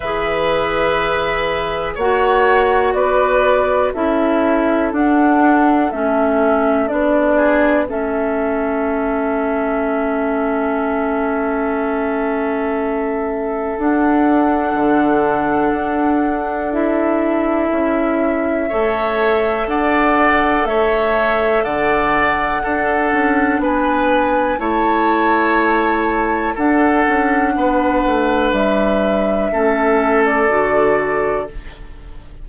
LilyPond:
<<
  \new Staff \with { instrumentName = "flute" } { \time 4/4 \tempo 4 = 61 e''2 fis''4 d''4 | e''4 fis''4 e''4 d''4 | e''1~ | e''2 fis''2~ |
fis''4 e''2. | fis''4 e''4 fis''2 | gis''4 a''2 fis''4~ | fis''4 e''4.~ e''16 d''4~ d''16 | }
  \new Staff \with { instrumentName = "oboe" } { \time 4/4 b'2 cis''4 b'4 | a'2.~ a'8 gis'8 | a'1~ | a'1~ |
a'2. cis''4 | d''4 cis''4 d''4 a'4 | b'4 cis''2 a'4 | b'2 a'2 | }
  \new Staff \with { instrumentName = "clarinet" } { \time 4/4 gis'2 fis'2 | e'4 d'4 cis'4 d'4 | cis'1~ | cis'2 d'2~ |
d'4 e'2 a'4~ | a'2. d'4~ | d'4 e'2 d'4~ | d'2 cis'4 fis'4 | }
  \new Staff \with { instrumentName = "bassoon" } { \time 4/4 e2 ais4 b4 | cis'4 d'4 a4 b4 | a1~ | a2 d'4 d4 |
d'2 cis'4 a4 | d'4 a4 d4 d'8 cis'8 | b4 a2 d'8 cis'8 | b8 a8 g4 a4 d4 | }
>>